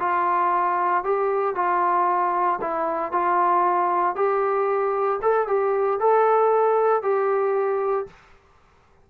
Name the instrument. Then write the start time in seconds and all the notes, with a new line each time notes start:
trombone
0.00 F4
1.04 G4
1.56 F4
2.61 E4
3.12 F4
4.16 G4
5.22 A4
5.48 G4
6.00 A4
7.03 G4